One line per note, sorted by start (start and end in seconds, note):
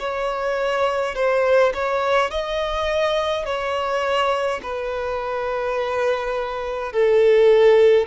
0.00 1.15 C#5
1.15 1.73 C5
1.74 2.31 C#5
2.31 3.46 D#5
3.46 4.61 C#5
4.63 6.93 B4
6.93 8.07 A4